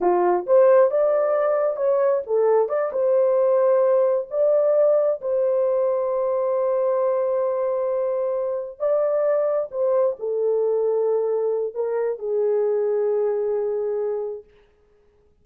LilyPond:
\new Staff \with { instrumentName = "horn" } { \time 4/4 \tempo 4 = 133 f'4 c''4 d''2 | cis''4 a'4 d''8 c''4.~ | c''4. d''2 c''8~ | c''1~ |
c''2.~ c''8 d''8~ | d''4. c''4 a'4.~ | a'2 ais'4 gis'4~ | gis'1 | }